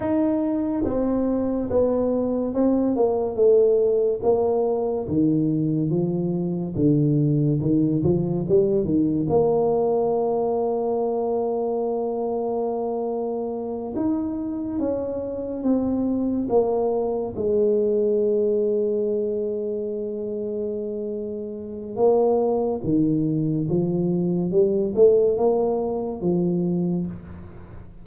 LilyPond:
\new Staff \with { instrumentName = "tuba" } { \time 4/4 \tempo 4 = 71 dis'4 c'4 b4 c'8 ais8 | a4 ais4 dis4 f4 | d4 dis8 f8 g8 dis8 ais4~ | ais1~ |
ais8 dis'4 cis'4 c'4 ais8~ | ais8 gis2.~ gis8~ | gis2 ais4 dis4 | f4 g8 a8 ais4 f4 | }